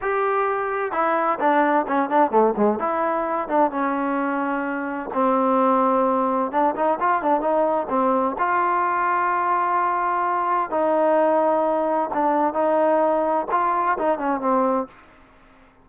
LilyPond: \new Staff \with { instrumentName = "trombone" } { \time 4/4 \tempo 4 = 129 g'2 e'4 d'4 | cis'8 d'8 a8 gis8 e'4. d'8 | cis'2. c'4~ | c'2 d'8 dis'8 f'8 d'8 |
dis'4 c'4 f'2~ | f'2. dis'4~ | dis'2 d'4 dis'4~ | dis'4 f'4 dis'8 cis'8 c'4 | }